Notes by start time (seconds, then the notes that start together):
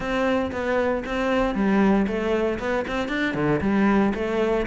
0.00 C4
0.51 B3
1.05 C4
1.54 G3
2.07 A3
2.59 B3
2.87 C4
3.08 D4
3.34 D3
3.61 G3
4.14 A3